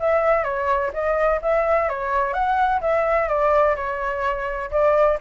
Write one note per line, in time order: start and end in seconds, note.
0.00 0.44 E5
0.44 0.91 C#5
0.94 1.41 D#5
1.42 1.89 E5
1.89 2.33 C#5
2.33 2.81 F#5
2.81 3.28 E5
3.28 3.76 D5
3.76 4.70 C#5
4.71 5.18 D5